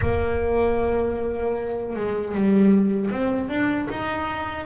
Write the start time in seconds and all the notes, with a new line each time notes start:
0.01 A#3
1.96 G#3
2.34 G3
3.10 C4
3.49 D4
3.90 D#4